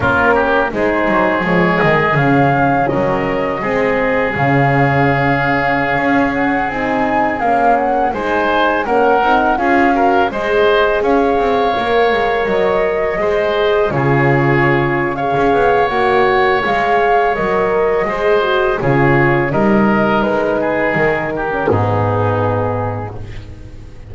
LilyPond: <<
  \new Staff \with { instrumentName = "flute" } { \time 4/4 \tempo 4 = 83 ais'4 c''4 cis''8 dis''8 f''4 | dis''2 f''2~ | f''8. fis''8 gis''4 f''8 fis''8 gis''8.~ | gis''16 fis''4 f''4 dis''4 f''8.~ |
f''4~ f''16 dis''2 cis''8.~ | cis''4 f''4 fis''4 f''4 | dis''2 cis''4 dis''4 | b'4 ais'4 gis'2 | }
  \new Staff \with { instrumentName = "oboe" } { \time 4/4 f'8 g'8 gis'2. | ais'4 gis'2.~ | gis'2.~ gis'16 c''8.~ | c''16 ais'4 gis'8 ais'8 c''4 cis''8.~ |
cis''2~ cis''16 c''4 gis'8.~ | gis'4 cis''2.~ | cis''4 c''4 gis'4 ais'4~ | ais'8 gis'4 g'8 dis'2 | }
  \new Staff \with { instrumentName = "horn" } { \time 4/4 cis'4 dis'4 gis4 cis'4~ | cis'4 c'4 cis'2~ | cis'4~ cis'16 dis'4 cis'4 dis'8.~ | dis'16 cis'8 dis'8 f'8 fis'8 gis'4.~ gis'16~ |
gis'16 ais'2 gis'4 f'8.~ | f'4 gis'4 fis'4 gis'4 | ais'4 gis'8 fis'8 f'4 dis'4~ | dis'4.~ dis'16 cis'16 b2 | }
  \new Staff \with { instrumentName = "double bass" } { \time 4/4 ais4 gis8 fis8 f8 dis8 cis4 | fis4 gis4 cis2~ | cis16 cis'4 c'4 ais4 gis8.~ | gis16 ais8 c'8 cis'4 gis4 cis'8 c'16~ |
c'16 ais8 gis8 fis4 gis4 cis8.~ | cis4~ cis16 cis'16 b8 ais4 gis4 | fis4 gis4 cis4 g4 | gis4 dis4 gis,2 | }
>>